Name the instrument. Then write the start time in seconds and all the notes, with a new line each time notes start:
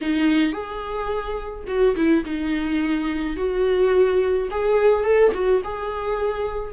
viola
0.01 D#4
0.52 G#4
1.67 F#4
1.96 E4
2.25 D#4
3.36 F#4
4.50 G#4
5.04 A4
5.34 F#4
5.64 G#4